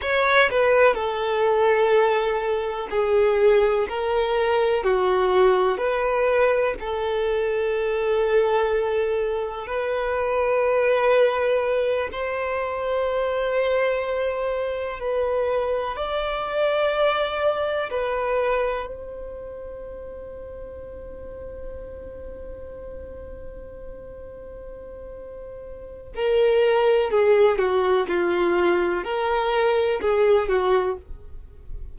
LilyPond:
\new Staff \with { instrumentName = "violin" } { \time 4/4 \tempo 4 = 62 cis''8 b'8 a'2 gis'4 | ais'4 fis'4 b'4 a'4~ | a'2 b'2~ | b'8 c''2. b'8~ |
b'8 d''2 b'4 c''8~ | c''1~ | c''2. ais'4 | gis'8 fis'8 f'4 ais'4 gis'8 fis'8 | }